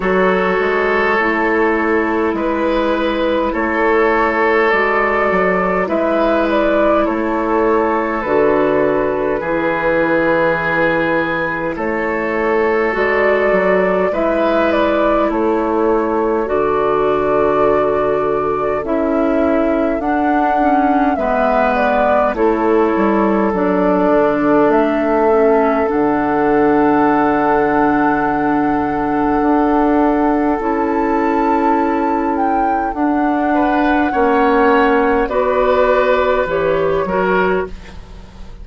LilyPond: <<
  \new Staff \with { instrumentName = "flute" } { \time 4/4 \tempo 4 = 51 cis''2 b'4 cis''4 | d''4 e''8 d''8 cis''4 b'4~ | b'2 cis''4 d''4 | e''8 d''8 cis''4 d''2 |
e''4 fis''4 e''8 d''8 cis''4 | d''4 e''4 fis''2~ | fis''2 a''4. g''8 | fis''2 d''4 cis''4 | }
  \new Staff \with { instrumentName = "oboe" } { \time 4/4 a'2 b'4 a'4~ | a'4 b'4 a'2 | gis'2 a'2 | b'4 a'2.~ |
a'2 b'4 a'4~ | a'1~ | a'1~ | a'8 b'8 cis''4 b'4. ais'8 | }
  \new Staff \with { instrumentName = "clarinet" } { \time 4/4 fis'4 e'2. | fis'4 e'2 fis'4 | e'2. fis'4 | e'2 fis'2 |
e'4 d'8 cis'8 b4 e'4 | d'4. cis'8 d'2~ | d'2 e'2 | d'4 cis'4 fis'4 g'8 fis'8 | }
  \new Staff \with { instrumentName = "bassoon" } { \time 4/4 fis8 gis8 a4 gis4 a4 | gis8 fis8 gis4 a4 d4 | e2 a4 gis8 fis8 | gis4 a4 d2 |
cis'4 d'4 gis4 a8 g8 | fis8 d8 a4 d2~ | d4 d'4 cis'2 | d'4 ais4 b4 e8 fis8 | }
>>